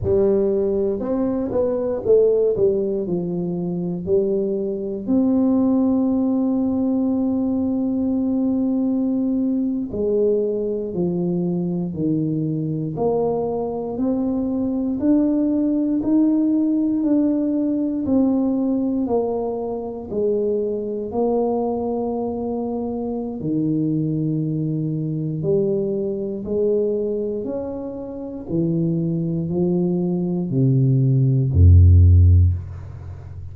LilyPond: \new Staff \with { instrumentName = "tuba" } { \time 4/4 \tempo 4 = 59 g4 c'8 b8 a8 g8 f4 | g4 c'2.~ | c'4.~ c'16 gis4 f4 dis16~ | dis8. ais4 c'4 d'4 dis'16~ |
dis'8. d'4 c'4 ais4 gis16~ | gis8. ais2~ ais16 dis4~ | dis4 g4 gis4 cis'4 | e4 f4 c4 f,4 | }